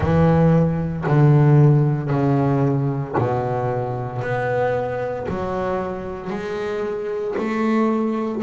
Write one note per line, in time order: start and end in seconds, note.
0.00 1.04 E3
1.06 2.10 D3
2.10 3.15 C#3
3.17 4.21 B2
4.21 5.26 B3
5.29 6.30 F#3
6.30 7.35 G#3
7.37 8.42 A3